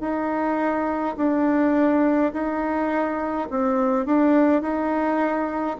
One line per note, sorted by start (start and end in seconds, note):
0.00 1.15 D#4
1.17 2.32 D4
2.33 3.48 D#4
3.50 4.06 C4
4.06 4.62 D4
4.62 5.77 D#4